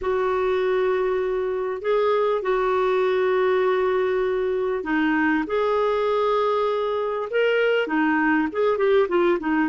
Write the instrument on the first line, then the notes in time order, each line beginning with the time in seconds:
clarinet
0.01 F#4
1.81 G#4
2.42 F#4
4.83 D#4
5.47 G#4
7.30 A#4
7.87 D#4
8.52 G#4
8.77 G4
9.08 F4
9.39 D#4